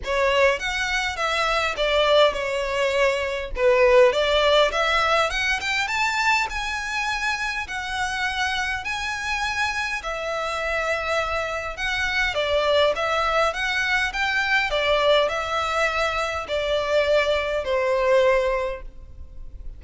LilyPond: \new Staff \with { instrumentName = "violin" } { \time 4/4 \tempo 4 = 102 cis''4 fis''4 e''4 d''4 | cis''2 b'4 d''4 | e''4 fis''8 g''8 a''4 gis''4~ | gis''4 fis''2 gis''4~ |
gis''4 e''2. | fis''4 d''4 e''4 fis''4 | g''4 d''4 e''2 | d''2 c''2 | }